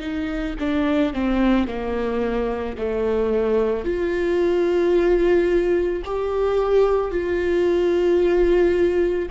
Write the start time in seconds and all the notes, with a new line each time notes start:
0.00 D#4
0.59 D4
1.13 C4
1.67 A#3
2.78 A3
3.84 F4
6.05 G4
7.11 F4